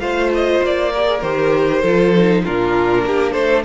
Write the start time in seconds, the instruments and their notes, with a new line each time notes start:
0.00 cello A3, viola F4, violin C5 F5
0.35 violin D#5
0.63 cello A#3, violin D5
0.93 viola G4, violin A#4
1.06 viola G#4
1.22 cello D#3, viola G4, violin C5
1.82 cello F3, viola F4, violin A4
2.16 viola D#4
2.44 cello A#2, viola D4, violin F4 A#4
3.05 cello A#3, violin G4
3.32 cello A3, violin A4 C5